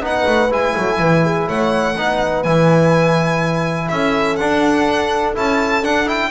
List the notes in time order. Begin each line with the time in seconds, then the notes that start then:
0.00 B3 D#4 B4 F#5
0.26 A3
0.50 G#3 E4 G#5
0.76 F#3 A4
0.99 E3 B4
1.23 G#4
1.47 A3 C#5 F#5
1.96 B3 D#4 B4
2.43 E3 E4 G#5
3.88 C#4 A4 E5
4.35 D4 F#5
5.35 C#4 E4 A5
5.82 D4 F#5
6.06 E4 G5